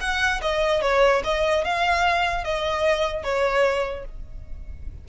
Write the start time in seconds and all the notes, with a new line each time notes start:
0.00 F#5
0.41 D#5
0.81 C#5
1.24 D#5
1.64 F5
2.44 D#5
3.23 C#5